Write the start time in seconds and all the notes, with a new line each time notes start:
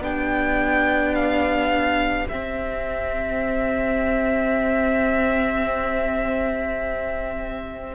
0.00 B3 D4 G4 G5
1.15 F5
2.28 C4 E5